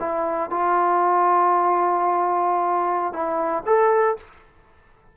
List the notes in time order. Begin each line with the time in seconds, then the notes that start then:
0.00 E4
0.50 F4
3.13 E4
3.66 A4